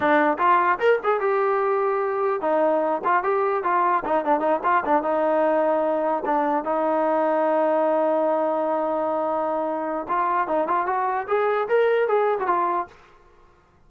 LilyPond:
\new Staff \with { instrumentName = "trombone" } { \time 4/4 \tempo 4 = 149 d'4 f'4 ais'8 gis'8 g'4~ | g'2 dis'4. f'8 | g'4 f'4 dis'8 d'8 dis'8 f'8 | d'8 dis'2. d'8~ |
d'8 dis'2.~ dis'8~ | dis'1~ | dis'4 f'4 dis'8 f'8 fis'4 | gis'4 ais'4 gis'8. fis'16 f'4 | }